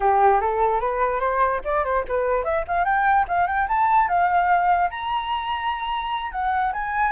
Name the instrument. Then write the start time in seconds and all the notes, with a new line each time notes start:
flute
0.00 G4
0.40 A4
0.80 B4
1.19 C5
1.64 D5
1.84 C5
2.08 B4
2.44 E5
2.67 F5
2.84 G5
3.28 F5
3.47 G5
3.68 A5
4.08 F5
4.90 A#5
6.31 F#5
6.72 G#5